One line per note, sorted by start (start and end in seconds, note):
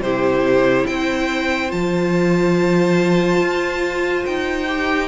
0.00 0.85 C3
0.00 1.69 E4
0.00 0.87 G4
0.00 0.87 C5
0.87 1.72 C4
0.87 5.08 C5
0.87 1.71 G5
1.69 3.41 F3
1.69 4.65 F4
1.69 4.25 A5
3.41 4.25 F4
4.26 5.08 D#4
4.26 5.08 G5
4.67 5.08 G4